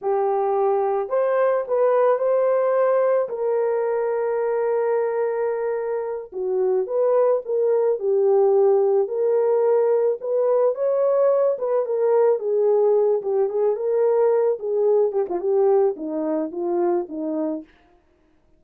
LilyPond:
\new Staff \with { instrumentName = "horn" } { \time 4/4 \tempo 4 = 109 g'2 c''4 b'4 | c''2 ais'2~ | ais'2.~ ais'8 fis'8~ | fis'8 b'4 ais'4 g'4.~ |
g'8 ais'2 b'4 cis''8~ | cis''4 b'8 ais'4 gis'4. | g'8 gis'8 ais'4. gis'4 g'16 f'16 | g'4 dis'4 f'4 dis'4 | }